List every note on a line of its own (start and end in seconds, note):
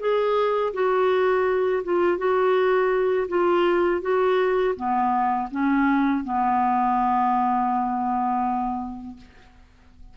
0.00 0.73 G#4
0.74 1.83 F#4
1.84 2.18 F4
2.18 3.28 F#4
3.28 4.01 F4
4.01 4.75 F#4
4.76 5.49 B3
5.51 6.24 C#4
6.24 9.17 B3